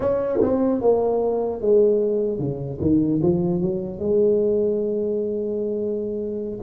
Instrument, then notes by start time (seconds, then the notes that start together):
tuba
0.00 C#4
0.41 C4
0.81 A#3
1.61 G#3
2.38 C#3
2.80 D#3
3.22 F3
3.61 F#3
3.99 G#3